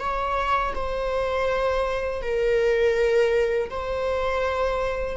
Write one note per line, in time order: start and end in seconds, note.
0.00 0.74 C#5
0.75 2.22 C5
2.22 3.70 A#4
3.70 5.18 C5